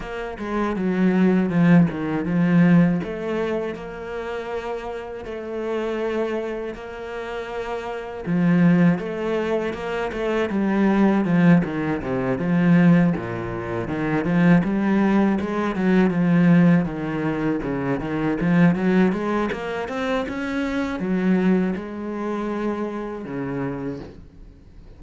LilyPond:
\new Staff \with { instrumentName = "cello" } { \time 4/4 \tempo 4 = 80 ais8 gis8 fis4 f8 dis8 f4 | a4 ais2 a4~ | a4 ais2 f4 | a4 ais8 a8 g4 f8 dis8 |
c8 f4 ais,4 dis8 f8 g8~ | g8 gis8 fis8 f4 dis4 cis8 | dis8 f8 fis8 gis8 ais8 c'8 cis'4 | fis4 gis2 cis4 | }